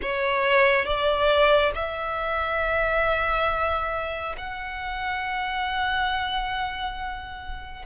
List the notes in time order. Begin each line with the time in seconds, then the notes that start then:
0.02 C#5
0.85 D5
1.74 E5
4.37 F#5